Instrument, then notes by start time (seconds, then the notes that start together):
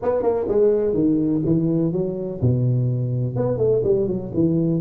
tuba
0.02 B3
0.22 A#3
0.48 G#3
0.93 D#3
1.45 E3
1.92 F#3
2.41 B2
3.36 B3
3.57 A3
3.83 G3
4.07 F#3
4.34 E3